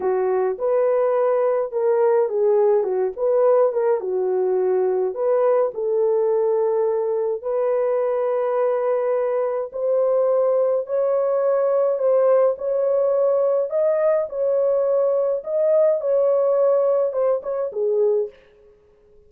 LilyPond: \new Staff \with { instrumentName = "horn" } { \time 4/4 \tempo 4 = 105 fis'4 b'2 ais'4 | gis'4 fis'8 b'4 ais'8 fis'4~ | fis'4 b'4 a'2~ | a'4 b'2.~ |
b'4 c''2 cis''4~ | cis''4 c''4 cis''2 | dis''4 cis''2 dis''4 | cis''2 c''8 cis''8 gis'4 | }